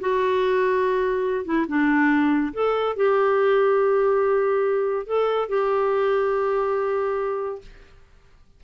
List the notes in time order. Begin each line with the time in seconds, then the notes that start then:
0.00 F#4
1.45 E4
1.68 D4
2.54 A4
2.96 G4
5.07 A4
5.49 G4